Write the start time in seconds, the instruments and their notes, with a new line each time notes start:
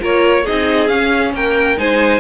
0.00 cello A#3, viola F4, violin A#4 C#5
0.44 cello C4, viola D#4, violin G#4 D#5
0.88 viola C#4, cello C#4, violin F5
1.33 cello A#3, violin A#4 G5
1.77 cello G#3, viola D#4, violin C5 G#5